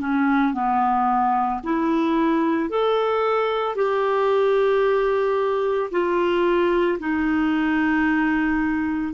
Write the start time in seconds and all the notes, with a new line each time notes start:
0.00 C#4
0.54 B3
1.63 E4
2.69 A4
3.75 G4
5.91 F4
6.99 D#4